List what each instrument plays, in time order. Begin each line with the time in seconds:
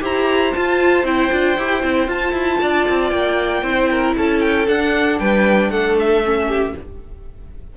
0.00 cello E4, viola G4, violin C5 A#5
0.53 viola F4, cello F4, violin A5
1.04 cello C4, viola E4, violin G5
1.31 cello D4, viola F4
1.57 cello E4, viola G4
1.82 cello C4, viola E4
2.08 cello F4, viola F4, violin A5
2.32 cello E4
2.60 cello D4, violin D5
2.89 cello C4
3.10 cello A#3, violin G5
3.62 cello C4, viola E4, violin C5
3.90 violin A#4
4.17 cello C#4, violin A4 A5
4.40 violin G5
4.68 cello D4, viola D4, violin F#5
5.19 cello G3, violin B4 G5
5.70 cello A3, violin A4 F#5
5.99 violin E5
6.24 viola C#4
6.47 violin G4